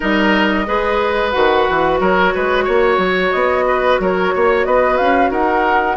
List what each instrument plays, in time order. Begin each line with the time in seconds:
0.00 bassoon G3, clarinet D#4, oboe A#4, flute D#5
0.66 bassoon G#3, clarinet G#4, oboe B4
1.31 bassoon D#3, clarinet F#4, flute F#5
1.69 bassoon E3
2.00 bassoon F#3, oboe A#4, flute C#5
2.34 bassoon G#3, oboe B4
2.64 bassoon A#3, oboe C#5
2.97 bassoon F#3
3.31 bassoon B3, flute D#5
3.67 oboe B4
3.99 bassoon F#3, oboe A#4, flute C#5
4.34 bassoon A#3, oboe C#5
4.65 bassoon B3, oboe B4, flute D#5
4.97 bassoon C#4, flute F5
5.30 bassoon D#4, oboe A#4, flute F#5